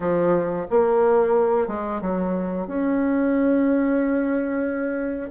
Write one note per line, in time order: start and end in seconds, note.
0.00 0.66 F3
0.70 1.67 A#3
1.67 2.01 G#3
2.02 2.67 F#3
2.67 5.30 C#4